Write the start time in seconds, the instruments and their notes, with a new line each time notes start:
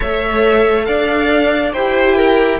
0.00 cello A3, viola A4, violin C#5 E5
0.85 cello D4, violin D5 F5
1.73 cello E4, viola G4, violin C5 G5
2.16 violin A#4